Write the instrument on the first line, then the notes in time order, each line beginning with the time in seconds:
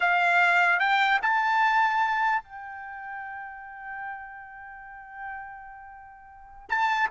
trumpet
0.00 F5
0.79 G5
1.22 A5
2.43 G5
6.69 A5